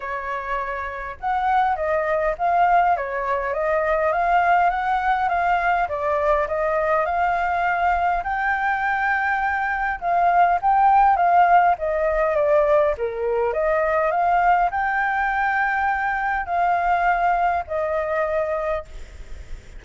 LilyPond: \new Staff \with { instrumentName = "flute" } { \time 4/4 \tempo 4 = 102 cis''2 fis''4 dis''4 | f''4 cis''4 dis''4 f''4 | fis''4 f''4 d''4 dis''4 | f''2 g''2~ |
g''4 f''4 g''4 f''4 | dis''4 d''4 ais'4 dis''4 | f''4 g''2. | f''2 dis''2 | }